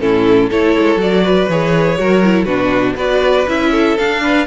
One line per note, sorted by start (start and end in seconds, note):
0.00 0.50 A2
0.00 0.51 C#4
0.00 0.50 E4
0.00 0.50 A4
0.50 0.77 A3
0.50 0.99 E4
0.50 1.24 A4
0.50 1.01 C#5
0.80 0.97 G#3
0.97 1.47 F#3
0.97 1.49 F#4
0.97 1.50 D5
1.24 1.98 B4
1.49 1.98 E3
1.49 1.98 G#4
1.49 2.45 C#5
1.98 2.46 F#3
1.98 2.23 F#4
1.98 2.45 A#4
2.24 2.48 E4
2.45 2.96 B2
2.45 2.97 D4
2.45 2.95 F#4
2.45 2.94 B4
2.96 3.46 B3
2.96 3.47 F#4
2.96 3.71 B4
2.96 3.49 D5
3.48 3.97 C#4
3.48 3.98 E4
3.48 3.98 E5
3.72 4.21 A4
3.98 4.47 D4
3.98 4.47 F5
4.23 4.47 B4